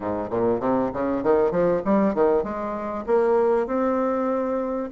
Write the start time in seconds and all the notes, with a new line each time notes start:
0.00 G#2
0.30 A#2
0.60 C3
0.93 C#3
1.23 D#3
1.51 F3
1.85 G3
2.14 D#3
2.43 G#3
3.06 A#3
3.67 C4